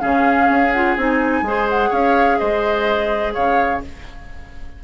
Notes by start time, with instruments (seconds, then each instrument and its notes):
0.00 bassoon C#3, clarinet C#4, oboe G#4, flute F5
0.49 bassoon C#4
0.72 clarinet F4, flute F#5
0.97 bassoon C4, clarinet D#4, flute G#5
1.42 bassoon G#3, clarinet G#4, oboe C5
1.69 flute F#5
1.90 bassoon C#4, oboe C#5, flute F5
2.39 bassoon G#3, oboe C5, flute D#5
3.34 bassoon C#3, oboe C#5, flute F5